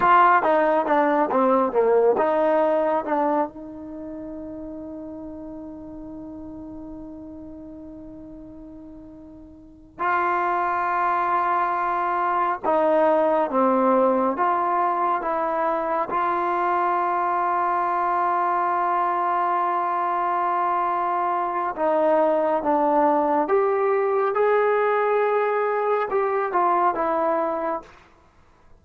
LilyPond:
\new Staff \with { instrumentName = "trombone" } { \time 4/4 \tempo 4 = 69 f'8 dis'8 d'8 c'8 ais8 dis'4 d'8 | dis'1~ | dis'2.~ dis'8 f'8~ | f'2~ f'8 dis'4 c'8~ |
c'8 f'4 e'4 f'4.~ | f'1~ | f'4 dis'4 d'4 g'4 | gis'2 g'8 f'8 e'4 | }